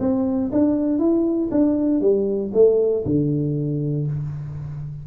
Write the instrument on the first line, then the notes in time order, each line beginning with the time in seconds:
tuba
0.00 C4
0.52 D4
0.99 E4
1.51 D4
2.01 G3
2.54 A3
3.05 D3